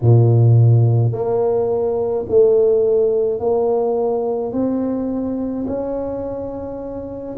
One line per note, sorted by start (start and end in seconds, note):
0.01 1.12 A#2
1.12 2.25 A#3
2.28 3.39 A3
3.39 4.52 A#3
4.52 5.66 C4
5.67 7.36 C#4